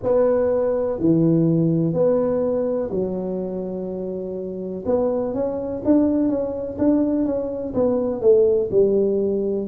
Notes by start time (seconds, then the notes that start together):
0.03 B3
0.99 E3
1.93 B3
2.90 F#3
4.85 B3
5.34 C#4
5.84 D4
6.28 C#4
6.78 D4
7.25 C#4
7.74 B3
8.21 A3
8.71 G3